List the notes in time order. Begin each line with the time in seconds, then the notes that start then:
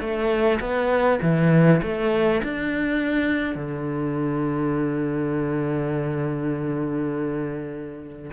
0.00 A3
0.60 B3
1.22 E3
1.82 A3
2.43 D4
3.55 D3